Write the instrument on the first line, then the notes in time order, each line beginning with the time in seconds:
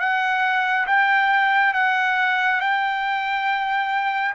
trumpet
0.00 F#5
0.87 G5
1.74 F#5
2.61 G5